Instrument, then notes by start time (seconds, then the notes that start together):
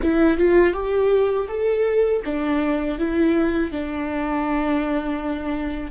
viola
0.02 E4
0.37 F4
0.73 G4
1.48 A4
2.24 D4
2.98 E4
3.71 D4